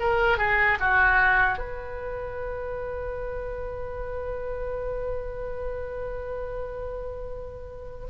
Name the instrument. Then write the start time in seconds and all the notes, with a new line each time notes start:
oboe
0.00 A#4
0.38 G#4
0.80 F#4
1.58 B4